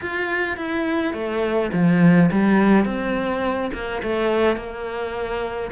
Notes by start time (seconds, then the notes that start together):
0.01 F4
0.56 E4
1.13 A3
1.72 F3
2.31 G3
2.85 C4
3.73 A#3
4.02 A3
4.56 A#3